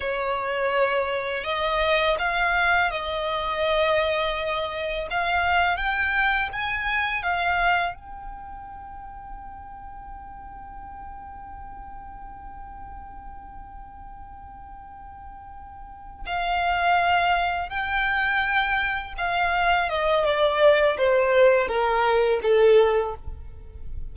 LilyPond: \new Staff \with { instrumentName = "violin" } { \time 4/4 \tempo 4 = 83 cis''2 dis''4 f''4 | dis''2. f''4 | g''4 gis''4 f''4 g''4~ | g''1~ |
g''1~ | g''2~ g''8 f''4.~ | f''8 g''2 f''4 dis''8 | d''4 c''4 ais'4 a'4 | }